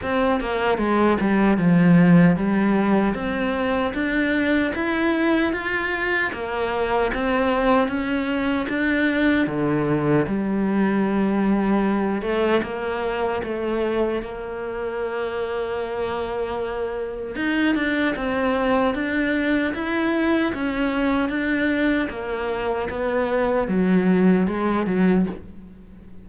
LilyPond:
\new Staff \with { instrumentName = "cello" } { \time 4/4 \tempo 4 = 76 c'8 ais8 gis8 g8 f4 g4 | c'4 d'4 e'4 f'4 | ais4 c'4 cis'4 d'4 | d4 g2~ g8 a8 |
ais4 a4 ais2~ | ais2 dis'8 d'8 c'4 | d'4 e'4 cis'4 d'4 | ais4 b4 fis4 gis8 fis8 | }